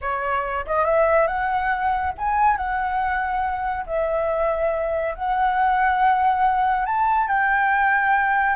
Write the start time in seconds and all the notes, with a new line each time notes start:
0.01 C#5
0.66 D#5
0.85 E5
1.27 F#5
2.18 G#5
2.56 F#5
3.86 E5
5.14 F#5
6.85 A5
7.27 G5